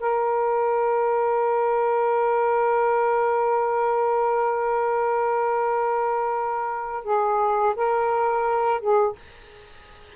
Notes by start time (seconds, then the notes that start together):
0.00 A#4
7.05 G#4
7.76 A#4
8.81 G#4